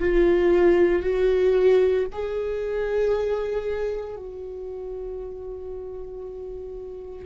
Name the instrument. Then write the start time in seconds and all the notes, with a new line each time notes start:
viola
0.00 F4
1.03 F#4
2.12 G#4
4.16 F#4